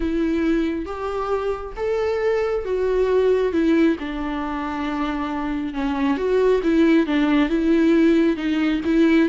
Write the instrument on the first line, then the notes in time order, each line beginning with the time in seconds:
viola
0.00 E4
0.85 G4
1.76 A4
2.64 F#4
3.52 E4
3.99 D4
5.73 C#4
6.17 F#4
6.63 E4
7.06 D4
7.49 E4
8.36 D#4
8.85 E4